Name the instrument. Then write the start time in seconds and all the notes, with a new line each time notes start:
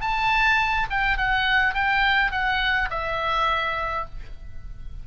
oboe
0.00 A5
0.90 G5
1.17 F#5
1.74 G5
2.31 F#5
2.90 E5